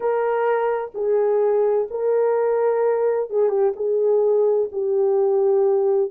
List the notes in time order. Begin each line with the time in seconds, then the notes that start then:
0.00 A#4
0.94 G#4
1.90 A#4
3.29 G#4
3.49 G4
3.75 G#4
4.72 G4